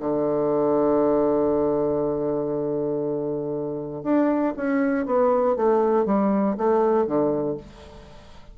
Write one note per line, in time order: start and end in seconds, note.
0.00 4.03 D3
4.04 4.54 D4
4.57 5.06 C#4
5.06 5.56 B3
5.56 6.06 A3
6.06 6.56 G3
6.58 7.07 A3
7.07 7.57 D3